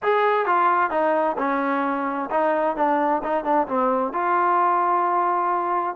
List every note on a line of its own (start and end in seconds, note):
0.02 0.46 G#4
0.46 0.90 F4
0.90 1.36 D#4
1.38 2.29 C#4
2.30 2.76 D#4
2.76 3.22 D4
3.23 3.44 D#4
3.44 3.67 D4
3.67 4.12 C4
4.12 5.95 F4